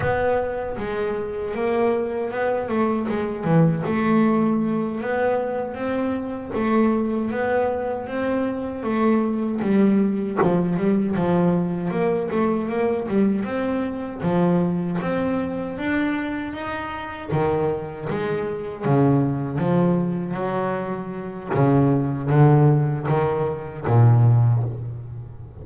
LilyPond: \new Staff \with { instrumentName = "double bass" } { \time 4/4 \tempo 4 = 78 b4 gis4 ais4 b8 a8 | gis8 e8 a4. b4 c'8~ | c'8 a4 b4 c'4 a8~ | a8 g4 f8 g8 f4 ais8 |
a8 ais8 g8 c'4 f4 c'8~ | c'8 d'4 dis'4 dis4 gis8~ | gis8 cis4 f4 fis4. | cis4 d4 dis4 ais,4 | }